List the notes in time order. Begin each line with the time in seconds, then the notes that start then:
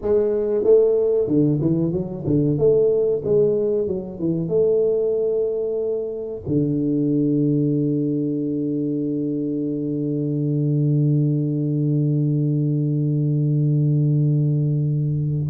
0.01 G#3
0.64 A3
1.27 D3
1.61 E3
1.92 F#3
2.26 D3
2.57 A3
3.24 G#3
3.87 F#3
4.19 E3
4.48 A3
6.47 D3